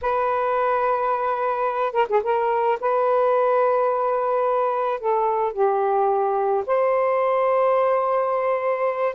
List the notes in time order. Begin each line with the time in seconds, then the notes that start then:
0.02 B4
1.92 A#4
2.08 G#4
2.23 A#4
2.80 B4
4.99 A4
5.52 G4
6.66 C5